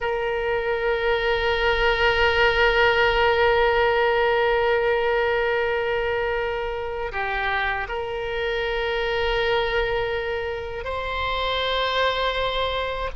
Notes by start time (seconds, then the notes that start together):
0.00 A#4
7.12 G4
7.88 A#4
10.84 C5